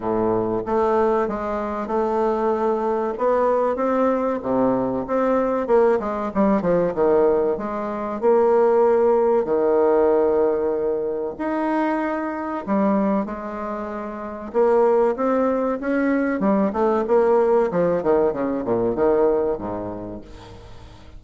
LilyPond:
\new Staff \with { instrumentName = "bassoon" } { \time 4/4 \tempo 4 = 95 a,4 a4 gis4 a4~ | a4 b4 c'4 c4 | c'4 ais8 gis8 g8 f8 dis4 | gis4 ais2 dis4~ |
dis2 dis'2 | g4 gis2 ais4 | c'4 cis'4 g8 a8 ais4 | f8 dis8 cis8 ais,8 dis4 gis,4 | }